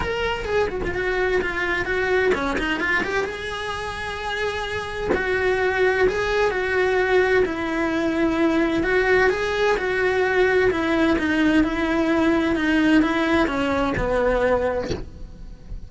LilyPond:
\new Staff \with { instrumentName = "cello" } { \time 4/4 \tempo 4 = 129 ais'4 gis'8 fis'16 f'16 fis'4 f'4 | fis'4 cis'8 dis'8 f'8 g'8 gis'4~ | gis'2. fis'4~ | fis'4 gis'4 fis'2 |
e'2. fis'4 | gis'4 fis'2 e'4 | dis'4 e'2 dis'4 | e'4 cis'4 b2 | }